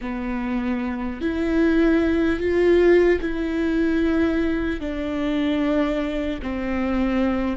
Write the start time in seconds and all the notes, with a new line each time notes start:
0.01 B3
1.21 E4
2.39 F4
3.20 E4
4.80 D4
6.42 C4